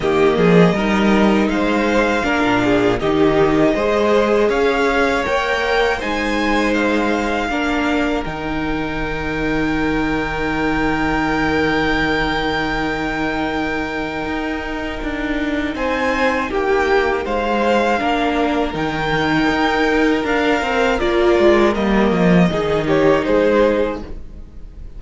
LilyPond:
<<
  \new Staff \with { instrumentName = "violin" } { \time 4/4 \tempo 4 = 80 dis''2 f''2 | dis''2 f''4 g''4 | gis''4 f''2 g''4~ | g''1~ |
g''1~ | g''4 gis''4 g''4 f''4~ | f''4 g''2 f''4 | d''4 dis''4. cis''8 c''4 | }
  \new Staff \with { instrumentName = "violin" } { \time 4/4 g'8 gis'8 ais'4 c''4 ais'8 gis'8 | g'4 c''4 cis''2 | c''2 ais'2~ | ais'1~ |
ais'1~ | ais'4 c''4 g'4 c''4 | ais'1~ | ais'2 gis'8 g'8 gis'4 | }
  \new Staff \with { instrumentName = "viola" } { \time 4/4 ais4 dis'2 d'4 | dis'4 gis'2 ais'4 | dis'2 d'4 dis'4~ | dis'1~ |
dis'1~ | dis'1 | d'4 dis'2 ais'4 | f'4 ais4 dis'2 | }
  \new Staff \with { instrumentName = "cello" } { \time 4/4 dis8 f8 g4 gis4 ais16 ais,8. | dis4 gis4 cis'4 ais4 | gis2 ais4 dis4~ | dis1~ |
dis2. dis'4 | d'4 c'4 ais4 gis4 | ais4 dis4 dis'4 d'8 c'8 | ais8 gis8 g8 f8 dis4 gis4 | }
>>